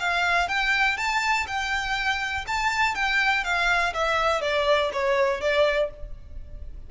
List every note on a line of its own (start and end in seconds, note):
0.00 0.49 F5
0.49 0.97 G5
0.97 1.46 A5
1.47 2.46 G5
2.47 2.95 A5
2.95 3.44 G5
3.44 3.93 F5
3.94 4.42 E5
4.42 4.91 D5
4.93 5.41 C#5
5.41 5.90 D5